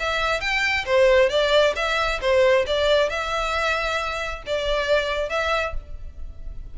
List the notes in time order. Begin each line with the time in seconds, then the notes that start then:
0.00 E5
0.41 G5
0.86 C5
1.30 D5
1.76 E5
2.21 C5
2.67 D5
3.10 E5
4.47 D5
5.30 E5